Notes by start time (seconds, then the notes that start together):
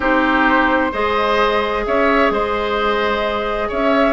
0.00 C4 D#4 G4 C5
0.91 G#3 G#4 C5 D#5
1.85 C#4 C#5 E5
2.30 G#3 C5 D#5
3.68 C#4 C#5 E5